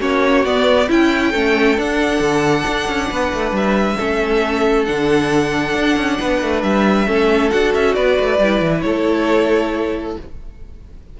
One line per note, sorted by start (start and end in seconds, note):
0.00 0.44 A#3
0.00 0.44 C#4
0.00 0.88 F#4
0.00 0.45 C#5
0.44 0.88 B3
0.44 0.89 B3
0.44 0.89 D5
0.88 1.34 C#4
0.88 1.30 E4
0.88 1.33 E4
0.88 1.79 G5
1.30 1.78 A3
1.30 1.77 C#4
1.30 3.07 A4
1.77 3.97 D4
1.77 2.20 D4
1.77 3.56 F#5
2.20 2.64 D3
2.67 2.88 D4
2.88 3.10 C#4
3.10 3.33 B3
3.10 3.97 B4
3.33 3.52 A3
3.52 3.96 G3
3.52 4.85 E5
3.97 4.88 A3
3.97 4.86 C#4
3.97 6.17 A4
4.85 5.75 D3
4.85 7.07 D4
4.85 6.62 F#5
5.75 5.96 D4
5.96 6.18 C#4
6.19 6.42 B3
6.19 7.08 B4
6.42 6.63 A3
6.63 7.07 G3
6.63 7.51 E5
7.07 7.51 A3
7.07 7.51 C#4
7.07 7.95 A4
7.51 7.75 D4
7.51 8.39 F#4
7.51 7.73 F#5
7.74 7.97 C#4
7.74 7.95 E5
7.95 8.19 B3
7.95 8.83 B4
7.95 8.81 D5
8.19 8.39 A3
8.39 8.61 G3
8.39 10.20 E4
8.61 8.83 E3
8.81 10.16 A3
8.81 10.18 A4
8.81 10.13 C#5